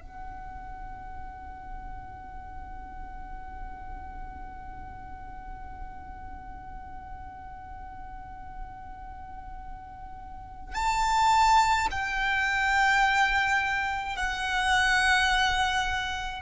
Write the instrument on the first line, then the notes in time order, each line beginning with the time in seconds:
violin
0.00 F#5
10.74 A5
11.91 G5
14.16 F#5